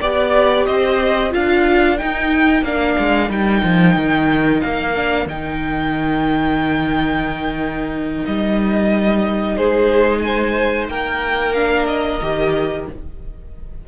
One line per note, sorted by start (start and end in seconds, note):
0.00 0.68 B3
0.00 1.31 G4
0.00 0.66 D5
0.66 1.34 C4
0.66 1.32 C5
0.66 1.32 D#5
1.31 2.01 D4
1.31 1.97 F4
1.31 9.57 A#4
1.31 1.98 F5
1.98 2.65 D#4
1.98 2.62 D#4
1.98 2.64 G5
2.62 2.95 A#3
2.62 3.30 D4
2.62 3.30 F5
2.99 3.29 G#3
3.29 3.62 G3
3.29 4.95 D#4
3.29 4.61 G5
3.63 3.96 F3
3.96 4.62 D#3
4.61 5.26 A#3
4.61 5.27 F5
4.95 5.28 D4
5.26 8.23 D#3
5.26 11.55 D#4
5.26 8.25 G5
8.25 9.58 G3
8.25 9.57 D#5
9.57 10.89 G#3
9.57 10.23 G#4
9.57 10.19 C5
10.19 10.85 G#5
10.25 10.90 C5
10.89 12.21 A#3
10.89 12.88 A#4
10.89 11.53 G5
11.53 12.21 D4
11.53 11.86 F5
11.87 12.86 D#5
12.22 12.88 D#3
12.22 12.88 G4